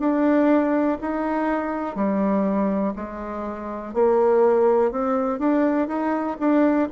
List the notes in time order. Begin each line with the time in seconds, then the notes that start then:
0.00 D4
1.01 D#4
1.96 G3
2.96 G#3
3.94 A#3
4.92 C4
5.40 D4
5.88 D#4
6.40 D4